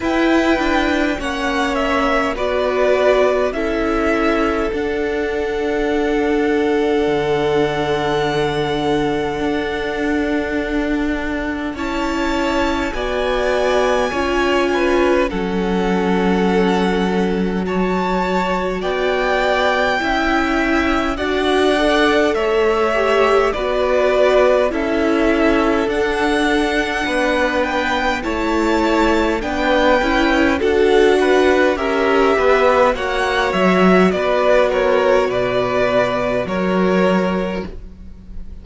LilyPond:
<<
  \new Staff \with { instrumentName = "violin" } { \time 4/4 \tempo 4 = 51 g''4 fis''8 e''8 d''4 e''4 | fis''1~ | fis''2 a''4 gis''4~ | gis''4 fis''2 a''4 |
g''2 fis''4 e''4 | d''4 e''4 fis''4. g''8 | a''4 g''4 fis''4 e''4 | fis''8 e''8 d''8 cis''8 d''4 cis''4 | }
  \new Staff \with { instrumentName = "violin" } { \time 4/4 b'4 cis''4 b'4 a'4~ | a'1~ | a'2 cis''4 d''4 | cis''8 b'8 a'2 cis''4 |
d''4 e''4 d''4 cis''4 | b'4 a'2 b'4 | cis''4 b'4 a'8 b'8 ais'8 b'8 | cis''4 b'8 ais'8 b'4 ais'4 | }
  \new Staff \with { instrumentName = "viola" } { \time 4/4 e'4 cis'4 fis'4 e'4 | d'1~ | d'2 e'4 fis'4 | f'4 cis'2 fis'4~ |
fis'4 e'4 fis'8 a'4 g'8 | fis'4 e'4 d'2 | e'4 d'8 e'8 fis'4 g'4 | fis'1 | }
  \new Staff \with { instrumentName = "cello" } { \time 4/4 e'8 d'8 ais4 b4 cis'4 | d'2 d2 | d'2 cis'4 b4 | cis'4 fis2. |
b4 cis'4 d'4 a4 | b4 cis'4 d'4 b4 | a4 b8 cis'8 d'4 cis'8 b8 | ais8 fis8 b4 b,4 fis4 | }
>>